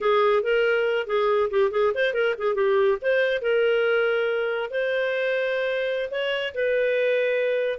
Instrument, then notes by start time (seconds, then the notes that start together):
clarinet
0.01 G#4
0.43 A#4
1.06 G#4
1.50 G4
1.71 G#4
1.94 C5
2.13 A#4
2.38 G#4
2.55 G4
3.01 C5
3.41 A#4
4.70 C5
6.10 C#5
6.54 B4